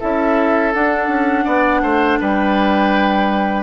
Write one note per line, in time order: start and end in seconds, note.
0.00 0.75 C#4
0.00 0.74 E4
0.00 1.45 A4
0.00 0.73 E5
0.74 1.08 D4
0.74 3.63 D4
0.74 2.20 F#5
1.08 1.45 C#4
1.45 1.82 B3
1.45 1.81 D5
1.82 2.19 A3
1.82 2.19 C5
2.20 3.63 G3
2.20 3.63 B4
2.20 3.63 G5